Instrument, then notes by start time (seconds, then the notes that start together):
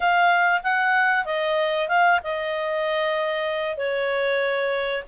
clarinet
0.00 F5
0.63 F#5
1.25 D#5
1.88 F5
2.23 D#5
3.77 C#5